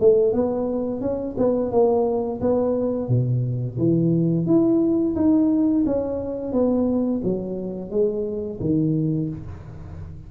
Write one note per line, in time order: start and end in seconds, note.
0.00 0.33 A3
0.33 1.01 B3
1.01 1.36 C#4
1.38 1.71 B3
1.71 2.40 A#3
2.41 3.08 B3
3.08 3.77 B2
3.78 4.46 E3
4.46 5.15 E4
5.16 5.85 D#4
5.86 6.53 C#4
6.53 7.22 B3
7.24 7.90 F#3
7.90 8.59 G#3
8.61 9.29 D#3